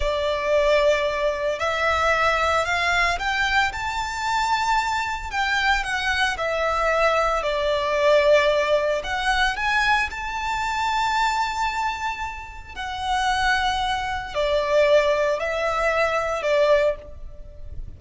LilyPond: \new Staff \with { instrumentName = "violin" } { \time 4/4 \tempo 4 = 113 d''2. e''4~ | e''4 f''4 g''4 a''4~ | a''2 g''4 fis''4 | e''2 d''2~ |
d''4 fis''4 gis''4 a''4~ | a''1 | fis''2. d''4~ | d''4 e''2 d''4 | }